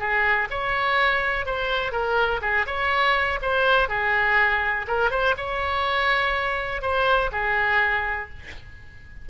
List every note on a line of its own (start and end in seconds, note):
0.00 0.49 G#4
0.51 1.46 C#5
1.46 1.92 C5
1.92 2.41 A#4
2.42 2.66 G#4
2.67 3.40 C#5
3.42 3.89 C5
3.89 4.87 G#4
4.88 5.11 A#4
5.11 5.35 C5
5.37 6.82 C#5
6.82 7.31 C5
7.32 8.30 G#4